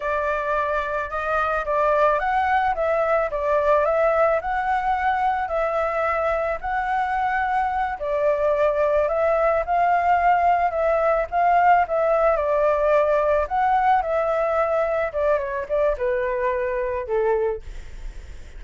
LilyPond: \new Staff \with { instrumentName = "flute" } { \time 4/4 \tempo 4 = 109 d''2 dis''4 d''4 | fis''4 e''4 d''4 e''4 | fis''2 e''2 | fis''2~ fis''8 d''4.~ |
d''8 e''4 f''2 e''8~ | e''8 f''4 e''4 d''4.~ | d''8 fis''4 e''2 d''8 | cis''8 d''8 b'2 a'4 | }